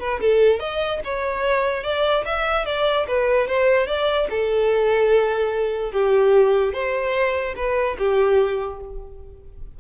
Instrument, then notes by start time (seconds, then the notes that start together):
violin
0.00 B4
0.21 A4
0.60 D#5
1.05 C#5
1.84 D5
2.26 E5
2.66 D5
3.08 B4
3.48 C5
3.87 D5
4.30 A4
5.92 G4
6.74 C5
7.56 B4
7.99 G4